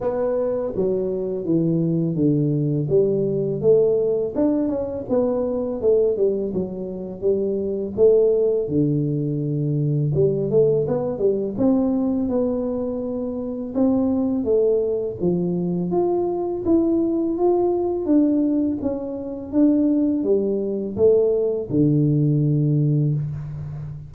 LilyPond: \new Staff \with { instrumentName = "tuba" } { \time 4/4 \tempo 4 = 83 b4 fis4 e4 d4 | g4 a4 d'8 cis'8 b4 | a8 g8 fis4 g4 a4 | d2 g8 a8 b8 g8 |
c'4 b2 c'4 | a4 f4 f'4 e'4 | f'4 d'4 cis'4 d'4 | g4 a4 d2 | }